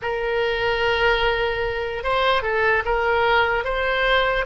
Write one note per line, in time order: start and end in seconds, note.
0.01 2.03 A#4
2.03 2.42 C5
2.42 2.83 A4
2.85 3.64 A#4
3.64 4.45 C5